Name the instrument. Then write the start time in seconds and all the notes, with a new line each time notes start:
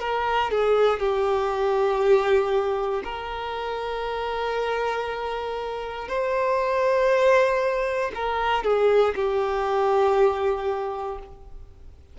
violin
0.00 A#4
0.50 G#4
0.99 G4
3.04 A#4
6.08 C5
8.14 A#4
8.64 G#4
9.15 G4